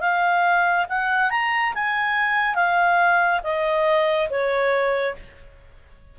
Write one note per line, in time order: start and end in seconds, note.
0.00 0.86 F5
0.89 1.31 F#5
1.31 1.73 A#5
1.74 2.55 G#5
2.55 3.41 F5
3.43 4.29 D#5
4.30 5.15 C#5